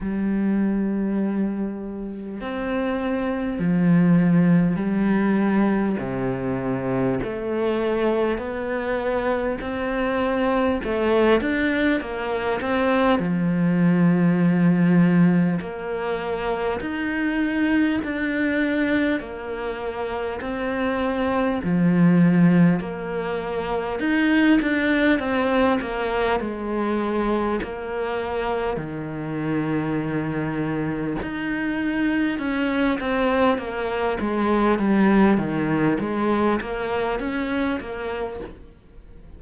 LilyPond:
\new Staff \with { instrumentName = "cello" } { \time 4/4 \tempo 4 = 50 g2 c'4 f4 | g4 c4 a4 b4 | c'4 a8 d'8 ais8 c'8 f4~ | f4 ais4 dis'4 d'4 |
ais4 c'4 f4 ais4 | dis'8 d'8 c'8 ais8 gis4 ais4 | dis2 dis'4 cis'8 c'8 | ais8 gis8 g8 dis8 gis8 ais8 cis'8 ais8 | }